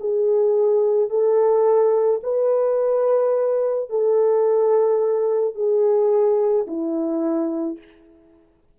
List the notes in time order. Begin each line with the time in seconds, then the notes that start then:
0.00 G#4
1.09 A4
2.23 B4
3.89 A4
5.55 G#4
6.67 E4